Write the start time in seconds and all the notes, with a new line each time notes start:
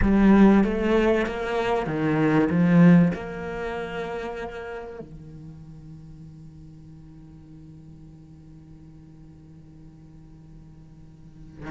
0.01 G3
0.63 A3
1.26 A#3
1.86 D#3
2.49 F3
3.13 A#3
5.00 D#3